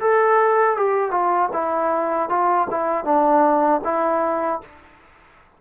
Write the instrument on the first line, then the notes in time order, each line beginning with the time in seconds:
trombone
0.00 A4
0.77 G4
1.11 F4
1.52 E4
2.29 F4
2.70 E4
3.04 D4
3.84 E4